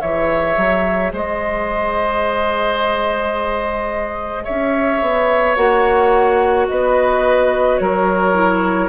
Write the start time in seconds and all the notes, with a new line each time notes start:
0.00 E3 G#4 C#5 E5
0.56 F#3
1.12 G#3 C5 D#5
4.44 C#4 C#5 E5
5.01 B3
5.56 A#3 F#4 F#5
6.67 B3 B4 D#5
7.77 F#3 A#4 C#5
8.33 E4